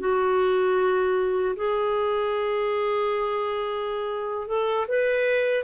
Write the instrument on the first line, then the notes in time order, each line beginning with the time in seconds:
clarinet
0.00 F#4
1.57 G#4
4.48 A4
4.89 B4